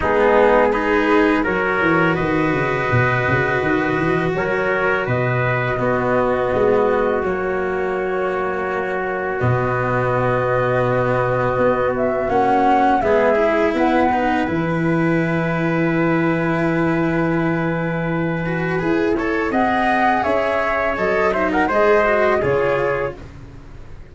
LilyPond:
<<
  \new Staff \with { instrumentName = "flute" } { \time 4/4 \tempo 4 = 83 gis'4 b'4 cis''4 dis''4~ | dis''2 cis''4 dis''4~ | dis''2 cis''2~ | cis''4 dis''2.~ |
dis''8 e''8 fis''4 e''4 fis''4 | gis''1~ | gis''2. fis''4 | e''4 dis''8 e''16 fis''16 dis''4 cis''4 | }
  \new Staff \with { instrumentName = "trumpet" } { \time 4/4 dis'4 gis'4 ais'4 b'4~ | b'2 ais'4 b'4 | fis'1~ | fis'1~ |
fis'2 gis'4 b'4~ | b'1~ | b'2~ b'8 cis''8 dis''4 | cis''4. c''16 ais'16 c''4 gis'4 | }
  \new Staff \with { instrumentName = "cello" } { \time 4/4 b4 dis'4 fis'2~ | fis'1 | b2 ais2~ | ais4 b2.~ |
b4 cis'4 b8 e'4 dis'8 | e'1~ | e'4. fis'8 gis'8 a'8 gis'4~ | gis'4 a'8 dis'8 gis'8 fis'8 f'4 | }
  \new Staff \with { instrumentName = "tuba" } { \time 4/4 gis2 fis8 e8 dis8 cis8 | b,8 cis8 dis8 e8 fis4 b,4 | b4 gis4 fis2~ | fis4 b,2. |
b4 ais4 gis4 b4 | e1~ | e2 e'4 c'4 | cis'4 fis4 gis4 cis4 | }
>>